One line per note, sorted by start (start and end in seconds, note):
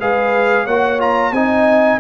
0.00 0.67 G#3
0.00 0.68 G#4
0.00 0.65 B4
0.00 0.67 F5
0.65 1.32 A#3
0.65 0.99 F#4
0.65 1.31 C#5
0.65 1.00 F#5
0.99 1.33 F4
0.99 1.33 A#5
1.32 1.99 C4
1.32 2.00 D#4
1.32 2.00 D#5
1.32 2.00 G#5